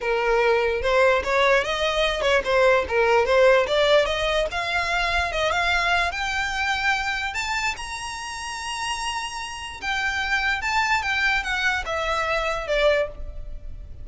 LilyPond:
\new Staff \with { instrumentName = "violin" } { \time 4/4 \tempo 4 = 147 ais'2 c''4 cis''4 | dis''4. cis''8 c''4 ais'4 | c''4 d''4 dis''4 f''4~ | f''4 dis''8 f''4. g''4~ |
g''2 a''4 ais''4~ | ais''1 | g''2 a''4 g''4 | fis''4 e''2 d''4 | }